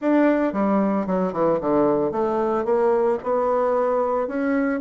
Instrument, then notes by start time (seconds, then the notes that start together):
bassoon
0.01 D4
0.52 G3
1.06 F#3
1.32 E3
1.60 D3
2.11 A3
2.64 A#3
3.23 B3
4.27 C#4